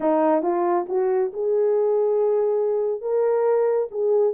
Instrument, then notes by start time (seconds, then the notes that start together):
horn
0.00 D#4
0.42 F4
0.88 F#4
1.33 G#4
3.01 A#4
3.91 G#4